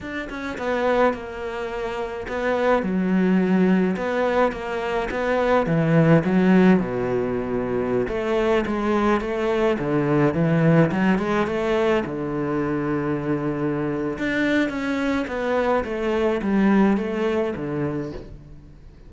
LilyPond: \new Staff \with { instrumentName = "cello" } { \time 4/4 \tempo 4 = 106 d'8 cis'8 b4 ais2 | b4 fis2 b4 | ais4 b4 e4 fis4 | b,2~ b,16 a4 gis8.~ |
gis16 a4 d4 e4 fis8 gis16~ | gis16 a4 d2~ d8.~ | d4 d'4 cis'4 b4 | a4 g4 a4 d4 | }